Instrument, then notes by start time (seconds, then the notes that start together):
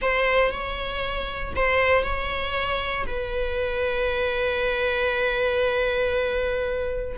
viola
0.01 C5
0.51 C#5
1.55 C5
2.03 C#5
3.06 B4